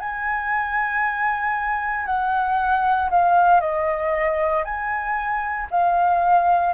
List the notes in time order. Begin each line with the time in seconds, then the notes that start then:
0.00 G#5
2.06 F#5
3.11 F5
3.61 D#5
4.65 G#5
5.71 F5